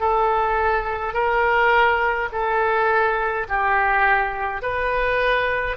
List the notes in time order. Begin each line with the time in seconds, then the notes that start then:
0.00 A4
1.14 A#4
2.32 A4
3.49 G4
4.62 B4